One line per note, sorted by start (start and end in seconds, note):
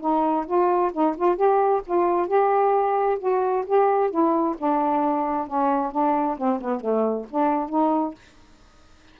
0.00 0.45 D#4
0.46 0.91 F4
0.93 1.15 D#4
1.16 1.36 F4
1.36 1.81 G4
1.86 2.27 F4
2.27 3.18 G4
3.19 3.64 F#4
3.66 4.10 G4
4.10 4.55 E4
4.58 5.47 D4
5.47 5.91 C#4
5.91 6.37 D4
6.37 6.60 C4
6.60 6.80 B3
6.80 7.25 A3
7.30 7.69 D4
7.69 8.14 D#4